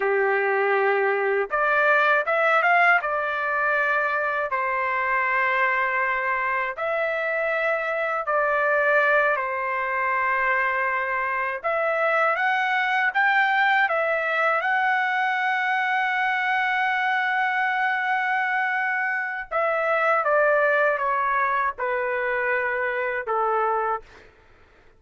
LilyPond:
\new Staff \with { instrumentName = "trumpet" } { \time 4/4 \tempo 4 = 80 g'2 d''4 e''8 f''8 | d''2 c''2~ | c''4 e''2 d''4~ | d''8 c''2. e''8~ |
e''8 fis''4 g''4 e''4 fis''8~ | fis''1~ | fis''2 e''4 d''4 | cis''4 b'2 a'4 | }